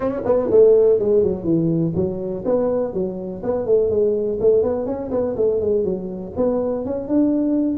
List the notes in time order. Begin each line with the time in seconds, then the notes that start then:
0.00 C#4
0.25 B3
0.50 A3
0.99 G#3
1.23 F#3
1.44 E3
1.95 F#3
2.45 B3
2.93 F#3
3.43 B3
3.65 A3
3.89 G#3
4.40 A3
4.62 B3
4.85 C#4
5.10 B3
5.36 A3
5.60 G#3
5.84 F#3
6.36 B3
6.85 C#4
7.08 D4